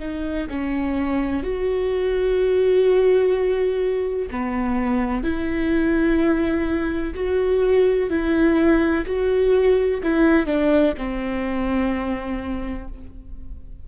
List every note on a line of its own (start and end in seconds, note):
0.00 0.48 D#4
0.50 1.44 C#4
1.44 4.29 F#4
4.31 5.24 B3
5.24 7.14 E4
7.15 8.10 F#4
8.10 9.06 E4
9.06 10.02 F#4
10.03 10.47 E4
10.47 10.94 D4
10.98 12.88 C4